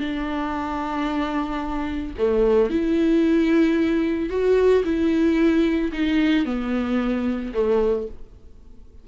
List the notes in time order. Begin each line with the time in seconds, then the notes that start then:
0.00 D4
2.18 A3
2.70 E4
4.30 F#4
4.84 E4
5.92 D#4
6.45 B3
7.54 A3